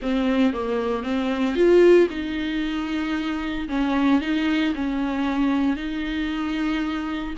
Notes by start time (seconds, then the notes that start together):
0.02 C4
0.53 A#3
1.03 C4
1.55 F4
2.10 D#4
3.68 C#4
4.21 D#4
4.75 C#4
5.76 D#4